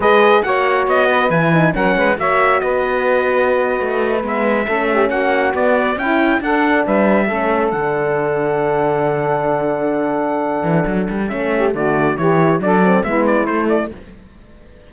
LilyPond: <<
  \new Staff \with { instrumentName = "trumpet" } { \time 4/4 \tempo 4 = 138 dis''4 fis''4 dis''4 gis''4 | fis''4 e''4 dis''2~ | dis''4.~ dis''16 e''2 fis''16~ | fis''8. d''4 g''4 fis''4 e''16~ |
e''4.~ e''16 fis''2~ fis''16~ | fis''1~ | fis''2 e''4 d''4 | cis''4 d''4 e''8 d''8 c''8 d''8 | }
  \new Staff \with { instrumentName = "saxophone" } { \time 4/4 b'4 cis''4. b'4. | ais'8 b'8 cis''4 b'2~ | b'2~ b'8. a'8 g'8 fis'16~ | fis'4.~ fis'16 e'4 a'4 b'16~ |
b'8. a'2.~ a'16~ | a'1~ | a'2~ a'8 g'8 fis'4 | g'4 a'4 e'2 | }
  \new Staff \with { instrumentName = "horn" } { \time 4/4 gis'4 fis'2 e'8 dis'8 | cis'4 fis'2.~ | fis'4.~ fis'16 b4 cis'4~ cis'16~ | cis'8. b4 e'4 d'4~ d'16~ |
d'8. cis'4 d'2~ d'16~ | d'1~ | d'2 cis'4 a4 | e'4 d'8 c'8 b4 a4 | }
  \new Staff \with { instrumentName = "cello" } { \time 4/4 gis4 ais4 b4 e4 | fis8 gis8 ais4 b2~ | b8. a4 gis4 a4 ais16~ | ais8. b4 cis'4 d'4 g16~ |
g8. a4 d2~ d16~ | d1~ | d8 e8 fis8 g8 a4 d4 | e4 fis4 gis4 a4 | }
>>